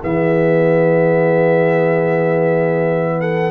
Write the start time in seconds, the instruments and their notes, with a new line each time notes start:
0.00 tuba E3, trombone B3, horn G#4, trumpet E5
3.20 horn A4, trumpet F#5